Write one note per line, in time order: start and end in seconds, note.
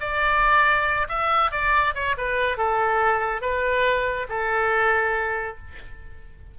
0.00 1.07 D5
1.08 1.51 E5
1.51 1.94 D5
1.94 2.16 C#5
2.17 2.57 B4
2.57 3.41 A4
3.41 4.27 B4
4.29 5.57 A4